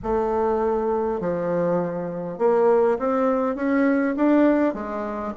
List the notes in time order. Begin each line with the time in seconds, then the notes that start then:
0.02 A3
1.20 F3
2.38 A#3
2.99 C4
3.55 C#4
4.16 D4
4.74 G#3